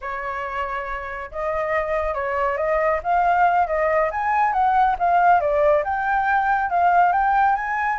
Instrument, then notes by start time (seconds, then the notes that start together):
flute
0.01 C#5
1.31 D#5
2.14 C#5
2.57 D#5
3.03 F5
3.67 D#5
4.11 G#5
4.52 F#5
4.99 F5
5.40 D5
5.84 G5
6.70 F5
7.12 G5
7.55 G#5